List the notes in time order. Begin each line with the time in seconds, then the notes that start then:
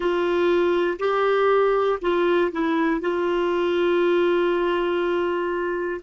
0.00 F4
0.99 G4
2.01 F4
2.52 E4
3.00 F4